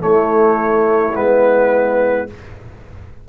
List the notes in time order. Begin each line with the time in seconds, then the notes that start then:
0.00 A3 E4 C#5
1.15 G#3 B3 B4